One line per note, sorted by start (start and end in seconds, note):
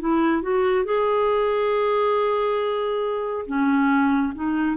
0.00 0.42 E4
0.42 0.85 F#4
0.85 3.45 G#4
3.46 4.33 C#4
4.35 4.77 D#4